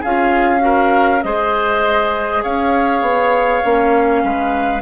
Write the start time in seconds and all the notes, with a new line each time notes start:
0.00 C#4 F4 G#4 F5
0.60 F#4 A#4
1.24 G#3 G#4 C5 D#5
2.44 C#4 C#5 F5
3.02 B3
3.65 A#3 C#4
4.24 G#3 B4